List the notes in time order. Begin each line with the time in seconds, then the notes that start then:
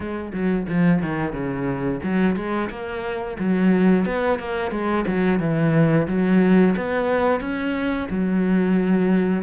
0.00 G#3
0.33 F#3
0.68 F3
1.02 D#3
1.32 C#3
2.03 F#3
2.36 G#3
2.70 A#3
3.39 F#3
4.05 B3
4.39 A#3
4.71 G#3
5.07 F#3
5.39 E3
6.07 F#3
6.76 B3
7.40 C#4
8.10 F#3